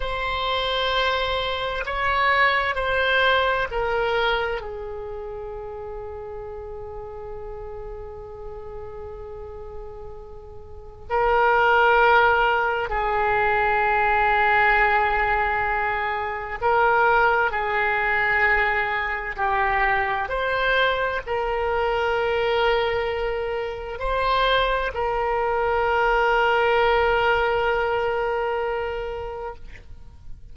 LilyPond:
\new Staff \with { instrumentName = "oboe" } { \time 4/4 \tempo 4 = 65 c''2 cis''4 c''4 | ais'4 gis'2.~ | gis'1 | ais'2 gis'2~ |
gis'2 ais'4 gis'4~ | gis'4 g'4 c''4 ais'4~ | ais'2 c''4 ais'4~ | ais'1 | }